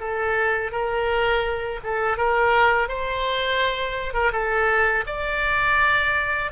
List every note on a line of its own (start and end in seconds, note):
0.00 0.72 A4
0.72 1.80 A#4
1.84 2.17 A4
2.17 2.89 A#4
2.89 4.13 C5
4.13 4.31 A#4
4.32 5.05 A4
5.07 6.51 D5